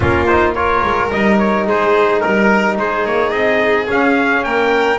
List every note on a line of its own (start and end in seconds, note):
0.00 0.82 A#3
0.00 0.28 C#4
0.00 0.55 F4
0.00 0.26 A#4
0.26 0.55 D#4
0.26 0.54 C5
0.54 1.11 F4
0.54 1.66 A#4
0.54 1.10 C#5
0.83 1.11 G#3
1.11 1.67 G3
1.11 3.87 D#4
1.11 1.38 D#5
1.38 1.66 C#5
1.66 2.22 G#3
1.66 2.22 G#4
1.66 2.20 C5
2.20 2.77 G3
2.20 2.76 A#4
2.20 2.77 A#4
2.77 3.05 G#3
2.77 4.44 G#4
2.77 3.06 C5
3.05 3.31 A#3
3.05 3.30 C#5
3.30 3.87 C4
3.30 3.85 D#5
3.87 4.98 C#4
3.87 4.45 C#4
3.87 4.43 F5
4.43 4.98 A#3
4.43 4.98 A#4
4.43 4.98 G5